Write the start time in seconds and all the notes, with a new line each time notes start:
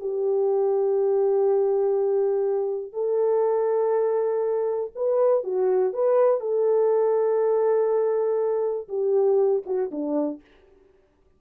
0.00 G4
2.93 A4
4.95 B4
5.44 F#4
5.93 B4
6.40 A4
8.88 G4
9.66 F#4
9.91 D4